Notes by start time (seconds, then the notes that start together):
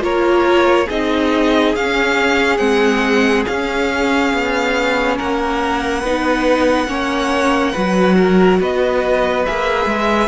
0.00 A#3 F4 A#4 C#5
0.86 C4 D#4 G#4 D#5
1.75 C#4 F5
2.57 G#3 C4 F#5
3.46 C#4 F5
4.33 B3
5.17 A#3 A#4 F#5
6.00 B3 D#4 B4
6.87 A#3 C#4 C#5
7.72 F#3 F#4 B4
8.17 A#4
8.60 B3 B4 D#5
9.46 A#3 G#4 E5
9.86 G#3